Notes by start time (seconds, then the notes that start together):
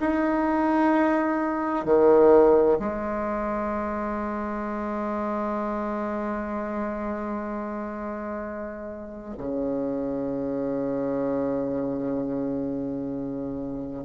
0.00 D#4
1.85 D#3
2.80 G#3
9.38 C#3